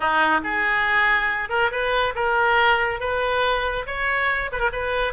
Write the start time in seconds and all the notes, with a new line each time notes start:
0.00 D#4
0.43 G#4
1.49 A#4
1.71 B4
2.15 A#4
3.00 B4
3.86 C#5
4.52 B4
4.59 A#4
4.72 B4